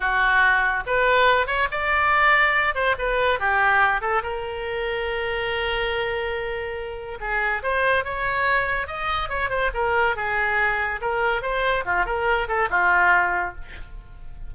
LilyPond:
\new Staff \with { instrumentName = "oboe" } { \time 4/4 \tempo 4 = 142 fis'2 b'4. cis''8 | d''2~ d''8 c''8 b'4 | g'4. a'8 ais'2~ | ais'1~ |
ais'4 gis'4 c''4 cis''4~ | cis''4 dis''4 cis''8 c''8 ais'4 | gis'2 ais'4 c''4 | f'8 ais'4 a'8 f'2 | }